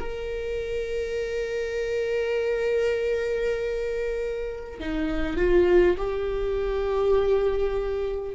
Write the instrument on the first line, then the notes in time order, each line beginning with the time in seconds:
viola
0.00 A#4
4.79 D#4
5.37 F4
5.97 G4